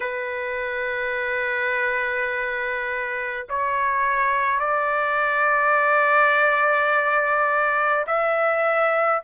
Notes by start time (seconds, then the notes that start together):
0.00 B4
3.49 C#5
4.59 D5
8.07 E5